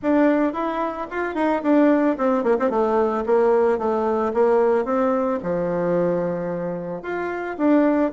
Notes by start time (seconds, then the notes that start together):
0.02 D4
0.53 E4
1.10 F4
1.34 D#4
1.62 D4
2.17 C4
2.43 A#3
2.59 C4
2.70 A3
3.26 A#3
3.78 A3
4.33 A#3
4.85 C4
5.43 F3
7.02 F4
7.57 D4